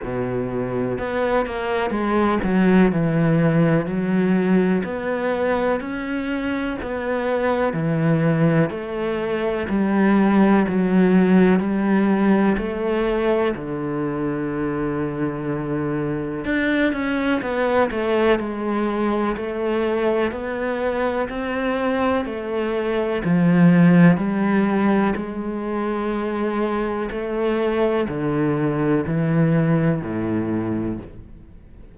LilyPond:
\new Staff \with { instrumentName = "cello" } { \time 4/4 \tempo 4 = 62 b,4 b8 ais8 gis8 fis8 e4 | fis4 b4 cis'4 b4 | e4 a4 g4 fis4 | g4 a4 d2~ |
d4 d'8 cis'8 b8 a8 gis4 | a4 b4 c'4 a4 | f4 g4 gis2 | a4 d4 e4 a,4 | }